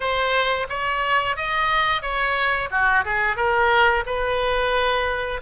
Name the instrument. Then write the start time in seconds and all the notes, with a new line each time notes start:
oboe
0.00 C5
0.69 C#5
1.36 D#5
2.01 C#5
2.70 F#4
3.04 G#4
3.36 A#4
4.06 B4